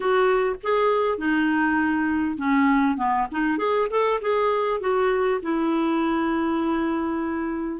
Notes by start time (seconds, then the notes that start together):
0.00 F#4
0.63 G#4
1.18 D#4
2.37 C#4
2.97 B3
3.31 D#4
3.58 G#4
3.90 A4
4.21 G#4
4.80 F#4
5.42 E4